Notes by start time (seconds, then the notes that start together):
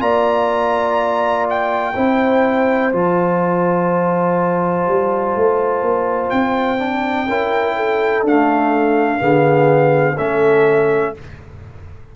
0.00 A#3 F4 D5 A#5
1.50 G5
1.95 C4 E4 C5
2.93 F3 F4 A5
4.88 G3
5.36 A3
5.82 A#3
6.30 C4 G5
6.78 D4
7.27 C#4 E4 A#4
7.76 A4
8.23 A3 D4 F5
9.19 D3 B3 G#4
10.16 A3 C#4 A4 E5